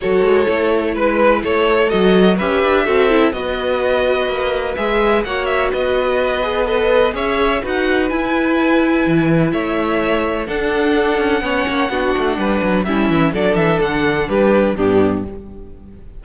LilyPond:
<<
  \new Staff \with { instrumentName = "violin" } { \time 4/4 \tempo 4 = 126 cis''2 b'4 cis''4 | dis''4 e''2 dis''4~ | dis''2 e''4 fis''8 e''8 | dis''2 b'4 e''4 |
fis''4 gis''2. | e''2 fis''2~ | fis''2. e''4 | d''8 e''8 fis''4 b'4 g'4 | }
  \new Staff \with { instrumentName = "violin" } { \time 4/4 a'2 b'4 a'4~ | a'4 b'4 a'4 b'4~ | b'2. cis''4 | b'2 dis''4 cis''4 |
b'1 | cis''2 a'2 | cis''4 fis'4 b'4 e'4 | a'2 g'4 d'4 | }
  \new Staff \with { instrumentName = "viola" } { \time 4/4 fis'4 e'2. | fis'4 g'4 fis'8 e'8 fis'4~ | fis'2 gis'4 fis'4~ | fis'4. gis'8 a'4 gis'4 |
fis'4 e'2.~ | e'2 d'2 | cis'4 d'2 cis'4 | d'2. b4 | }
  \new Staff \with { instrumentName = "cello" } { \time 4/4 fis8 gis8 a4 gis4 a4 | fis4 cis'8 d'8 c'4 b4~ | b4 ais4 gis4 ais4 | b2. cis'4 |
dis'4 e'2 e4 | a2 d'4. cis'8 | b8 ais8 b8 a8 g8 fis8 g8 e8 | fis8 e8 d4 g4 g,4 | }
>>